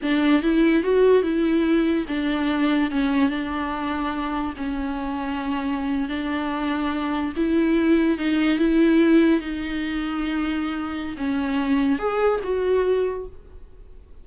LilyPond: \new Staff \with { instrumentName = "viola" } { \time 4/4 \tempo 4 = 145 d'4 e'4 fis'4 e'4~ | e'4 d'2 cis'4 | d'2. cis'4~ | cis'2~ cis'8. d'4~ d'16~ |
d'4.~ d'16 e'2 dis'16~ | dis'8. e'2 dis'4~ dis'16~ | dis'2. cis'4~ | cis'4 gis'4 fis'2 | }